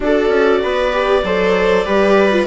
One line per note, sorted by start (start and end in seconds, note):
0.00 0.28 D4
0.00 0.92 F#4
0.00 0.62 A4
0.00 2.47 D5
0.28 0.59 C#4
0.62 1.23 B3
0.62 1.24 B4
0.92 1.23 G4
1.23 1.85 F#3
1.23 1.85 A4
1.23 1.85 C5
1.85 2.47 G3
1.85 2.31 G4
1.85 2.47 B4
2.31 2.47 F4